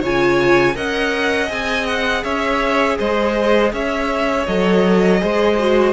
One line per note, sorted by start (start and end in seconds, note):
0.00 0.75 C#3
0.00 0.74 F4
0.00 0.74 C#5
0.00 0.76 G#5
0.74 1.49 C#4
0.74 1.46 A#4
0.74 2.23 D#5
0.74 1.50 F#5
1.46 2.23 C4
1.46 4.42 G#4
1.46 1.86 G#5
1.86 2.23 F#5
2.23 2.98 C#4
2.23 2.97 C#5
2.23 2.97 E5
2.98 3.72 G#3
2.98 3.72 C5
2.98 3.73 D#5
3.72 4.46 C#4
3.72 5.21 C#5
3.72 4.46 E5
4.46 5.21 F#3
4.46 5.19 A4
4.46 5.93 D#5
5.19 5.93 G#3
5.19 5.56 G#4
5.19 5.93 C5
5.59 5.93 F#4